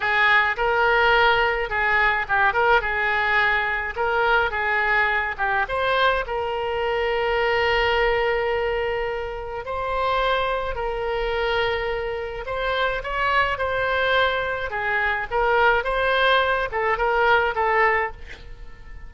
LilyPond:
\new Staff \with { instrumentName = "oboe" } { \time 4/4 \tempo 4 = 106 gis'4 ais'2 gis'4 | g'8 ais'8 gis'2 ais'4 | gis'4. g'8 c''4 ais'4~ | ais'1~ |
ais'4 c''2 ais'4~ | ais'2 c''4 cis''4 | c''2 gis'4 ais'4 | c''4. a'8 ais'4 a'4 | }